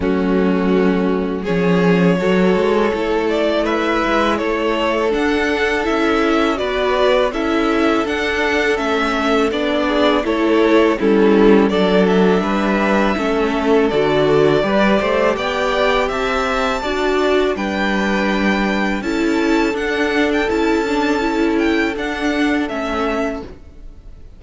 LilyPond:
<<
  \new Staff \with { instrumentName = "violin" } { \time 4/4 \tempo 4 = 82 fis'2 cis''2~ | cis''8 d''8 e''4 cis''4 fis''4 | e''4 d''4 e''4 fis''4 | e''4 d''4 cis''4 a'4 |
d''8 e''2~ e''8 d''4~ | d''4 g''4 a''2 | g''2 a''4 fis''8. g''16 | a''4. g''8 fis''4 e''4 | }
  \new Staff \with { instrumentName = "violin" } { \time 4/4 cis'2 gis'4 a'4~ | a'4 b'4 a'2~ | a'4 b'4 a'2~ | a'4. gis'8 a'4 e'4 |
a'4 b'4 a'2 | b'8 c''8 d''4 e''4 d''4 | b'2 a'2~ | a'1 | }
  \new Staff \with { instrumentName = "viola" } { \time 4/4 a2 cis'4 fis'4 | e'2. d'4 | e'4 fis'4 e'4 d'4 | cis'4 d'4 e'4 cis'4 |
d'2 cis'4 fis'4 | g'2. fis'4 | d'2 e'4 d'4 | e'8 d'8 e'4 d'4 cis'4 | }
  \new Staff \with { instrumentName = "cello" } { \time 4/4 fis2 f4 fis8 gis8 | a4. gis8 a4 d'4 | cis'4 b4 cis'4 d'4 | a4 b4 a4 g4 |
fis4 g4 a4 d4 | g8 a8 b4 c'4 d'4 | g2 cis'4 d'4 | cis'2 d'4 a4 | }
>>